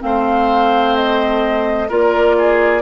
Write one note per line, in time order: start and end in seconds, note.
0.00 1.90 A3
0.00 1.88 C4
0.00 1.89 C5
0.00 0.96 F5
0.96 1.90 D#5
1.89 2.82 A#3
1.89 2.82 F4
1.89 2.36 A#4
1.89 2.82 D5
2.38 2.82 G#4